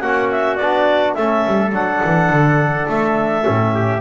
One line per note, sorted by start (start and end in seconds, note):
0.00 0.58 A#3
0.00 0.60 C#4
0.00 1.17 F#4
0.00 0.29 F#5
0.31 0.56 E5
0.56 1.15 B3
0.56 1.18 D4
0.56 1.13 D5
1.14 1.46 A3
1.14 1.73 C#4
1.14 3.75 A4
1.14 1.71 E5
1.47 1.72 G3
1.72 2.01 F#3
1.72 3.43 D4
1.72 2.88 F#5
2.05 2.30 E3
2.30 2.87 D3
2.89 3.46 A3
2.89 4.02 E5
3.43 4.02 A2
3.43 4.00 C#4
3.75 4.02 G4